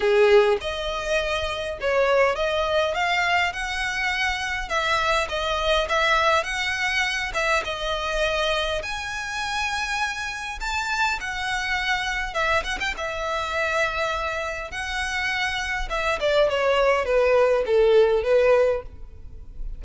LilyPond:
\new Staff \with { instrumentName = "violin" } { \time 4/4 \tempo 4 = 102 gis'4 dis''2 cis''4 | dis''4 f''4 fis''2 | e''4 dis''4 e''4 fis''4~ | fis''8 e''8 dis''2 gis''4~ |
gis''2 a''4 fis''4~ | fis''4 e''8 fis''16 g''16 e''2~ | e''4 fis''2 e''8 d''8 | cis''4 b'4 a'4 b'4 | }